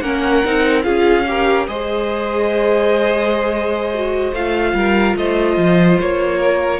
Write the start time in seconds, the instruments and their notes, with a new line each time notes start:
0.00 cello A#3, viola C#4, violin A#4 F#5
0.45 cello C4, viola D#4
0.83 cello C#4, viola F4, violin G#4 F5
1.27 viola G4, violin A#4
1.68 cello G#3, viola G#4, violin C5 D#5
3.93 viola F#4
4.32 cello A3, viola F4, violin F5
4.74 cello G3, violin A#4
5.16 cello A3, violin C5 D#5
5.57 cello F3
6.00 cello A#3, violin C#5
6.39 violin A#4